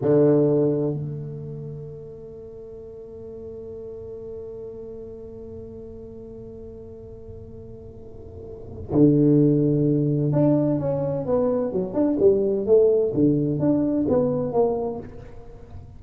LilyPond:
\new Staff \with { instrumentName = "tuba" } { \time 4/4 \tempo 4 = 128 d2 a2~ | a1~ | a1~ | a1~ |
a2. d4~ | d2 d'4 cis'4 | b4 fis8 d'8 g4 a4 | d4 d'4 b4 ais4 | }